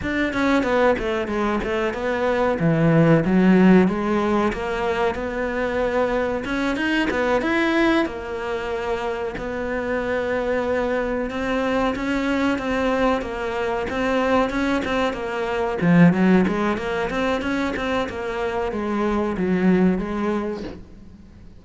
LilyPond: \new Staff \with { instrumentName = "cello" } { \time 4/4 \tempo 4 = 93 d'8 cis'8 b8 a8 gis8 a8 b4 | e4 fis4 gis4 ais4 | b2 cis'8 dis'8 b8 e'8~ | e'8 ais2 b4.~ |
b4. c'4 cis'4 c'8~ | c'8 ais4 c'4 cis'8 c'8 ais8~ | ais8 f8 fis8 gis8 ais8 c'8 cis'8 c'8 | ais4 gis4 fis4 gis4 | }